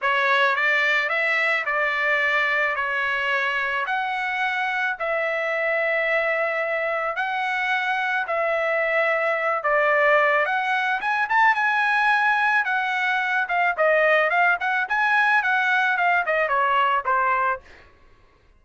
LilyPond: \new Staff \with { instrumentName = "trumpet" } { \time 4/4 \tempo 4 = 109 cis''4 d''4 e''4 d''4~ | d''4 cis''2 fis''4~ | fis''4 e''2.~ | e''4 fis''2 e''4~ |
e''4. d''4. fis''4 | gis''8 a''8 gis''2 fis''4~ | fis''8 f''8 dis''4 f''8 fis''8 gis''4 | fis''4 f''8 dis''8 cis''4 c''4 | }